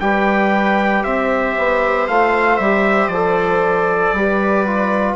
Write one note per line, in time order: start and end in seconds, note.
0.00 1.04 G3
0.00 2.08 G4
0.00 1.03 B4
0.00 1.03 G5
1.03 1.56 C4
1.03 4.14 C5
1.03 2.07 E5
1.58 2.08 B3
2.07 2.59 A3
2.07 2.61 F4
2.07 2.57 F5
2.57 3.08 G3
2.57 3.14 G4
2.57 3.08 E5
3.08 4.11 F3
3.08 5.15 D5
3.14 4.17 A4
4.13 5.15 G3
4.13 4.67 G4
4.13 5.15 B4
4.67 5.15 F4